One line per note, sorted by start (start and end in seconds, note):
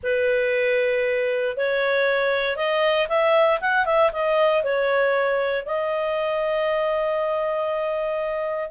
0.03 1.56 B4
1.56 2.56 C#5
2.56 3.07 D#5
3.08 3.59 E5
3.60 3.85 F#5
3.85 4.11 E5
4.12 4.63 D#5
4.63 5.65 C#5
5.65 8.70 D#5